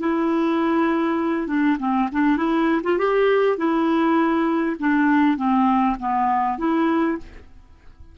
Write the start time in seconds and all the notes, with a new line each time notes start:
0.00 E4
1.47 D4
1.79 C4
2.13 D4
2.37 E4
2.83 F4
2.98 G4
3.58 E4
4.79 D4
5.37 C4
5.99 B3
6.58 E4